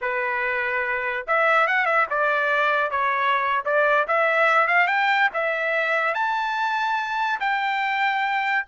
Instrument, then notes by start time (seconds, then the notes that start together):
trumpet
0.01 B4
1.27 E5
1.67 F#5
1.85 E5
2.09 D5
2.91 C#5
3.65 D5
4.07 E5
4.67 F5
4.87 G5
5.33 E5
6.14 A5
7.40 G5